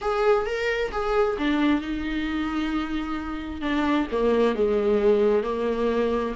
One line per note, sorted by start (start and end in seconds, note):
0.01 0.45 G#4
0.45 0.91 A#4
0.91 1.37 G#4
1.38 1.81 D4
1.81 3.61 D#4
3.61 4.06 D4
4.11 4.55 A#3
4.55 5.43 G#3
5.43 6.34 A#3